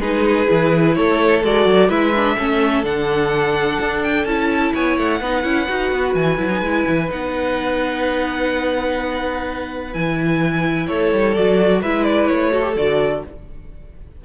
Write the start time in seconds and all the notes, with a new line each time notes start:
0.00 G#3 D#4 G#4 B4
0.46 E3 E4
0.95 A3 A4 C#5
1.44 G#3 F#4 D5
1.66 F#3
1.89 G#3 E4 B4 E5
2.15 D4
2.38 A3 C#4 A4
2.84 D3 D4 F#5
3.80 D4
4.03 G5
4.25 C#4 E4 A5
4.74 B3 C#5 G#5
4.98 A3 F#5
5.21 B3 D#4 B4
5.43 C#4 E4
5.68 D#4 F#4
5.92 B3
6.14 E3 G#5
6.38 F#3 E4
6.51 D#4
6.61 G#3 E4
6.87 E3
7.10 B3 D#4 F#5
9.93 E3 E4 G#5
10.87 A3 A4 C#5
11.13 G3
11.35 F#3 F#4 D5
11.81 G#3 E4 B4 E5
12.04 D5
12.27 A3 C#5
12.52 F#4 A4
12.62 G4
12.76 D3 F#4 D5